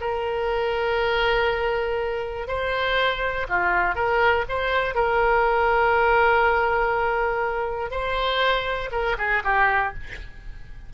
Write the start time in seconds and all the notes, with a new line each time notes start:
0.00 A#4
2.47 C5
3.48 F4
3.95 A#4
4.48 C5
4.95 A#4
7.90 C5
8.91 A#4
9.18 G#4
9.44 G4